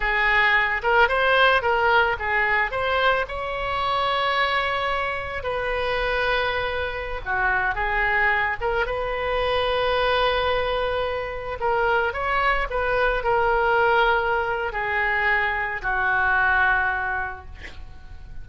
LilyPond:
\new Staff \with { instrumentName = "oboe" } { \time 4/4 \tempo 4 = 110 gis'4. ais'8 c''4 ais'4 | gis'4 c''4 cis''2~ | cis''2 b'2~ | b'4~ b'16 fis'4 gis'4. ais'16~ |
ais'16 b'2.~ b'8.~ | b'4~ b'16 ais'4 cis''4 b'8.~ | b'16 ais'2~ ais'8. gis'4~ | gis'4 fis'2. | }